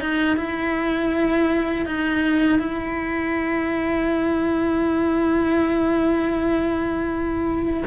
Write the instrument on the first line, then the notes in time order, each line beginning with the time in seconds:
cello
0.00 D#4
0.36 E4
1.85 D#4
2.59 E4